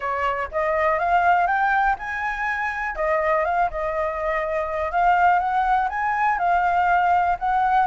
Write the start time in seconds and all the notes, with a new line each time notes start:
0.00 C#5
0.51 D#5
0.98 F5
1.46 G5
1.98 G#5
2.95 D#5
3.44 F5
3.70 D#5
4.91 F5
5.39 F#5
5.89 G#5
6.38 F5
7.39 F#5